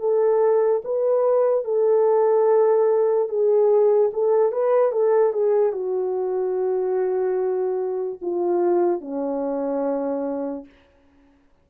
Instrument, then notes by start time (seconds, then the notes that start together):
horn
0.00 A4
0.85 B4
1.65 A4
3.29 G#4
4.14 A4
4.52 B4
4.92 A4
5.33 G#4
5.73 F#4
8.22 F4
9.01 C#4